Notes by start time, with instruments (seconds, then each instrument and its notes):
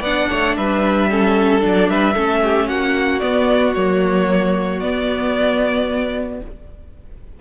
0.00 cello B3, viola D4, violin D5 F#5
0.29 cello A3, violin C#5
0.56 cello G3, violin B4 E5
1.10 viola C#4, violin A4
1.60 cello F#3, viola D4
1.67 violin D5
1.88 cello G3, violin B4 E5
2.14 cello A3, viola C#4, violin A4
2.43 violin G4
2.67 cello A#3, violin F#4 F#5
3.19 viola B3, cello B3, violin D5
3.74 cello F#3, viola A#3, violin C#5
4.80 viola B3, cello B3, violin D5